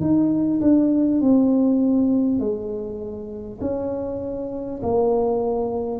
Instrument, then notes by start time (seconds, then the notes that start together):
tuba
0.00 D#4
0.61 D4
1.21 C4
2.39 G#3
3.61 C#4
4.82 A#3